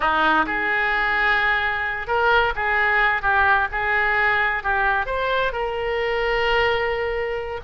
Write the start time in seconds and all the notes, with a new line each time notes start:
0.00 D#4
0.46 G#4
2.07 A#4
2.55 G#4
3.22 G4
3.71 G#4
4.63 G4
5.06 C5
5.52 A#4